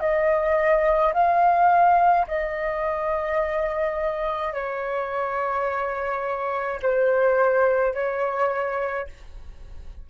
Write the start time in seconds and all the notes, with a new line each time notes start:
0.00 D#5
1.13 F5
2.27 D#5
4.53 C#5
6.82 C5
7.95 C#5